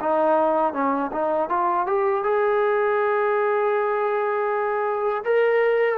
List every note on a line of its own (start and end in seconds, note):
0.00 0.74 D#4
0.74 1.11 C#4
1.12 1.49 D#4
1.49 1.86 F4
1.86 2.24 G4
2.24 5.24 G#4
5.25 5.98 A#4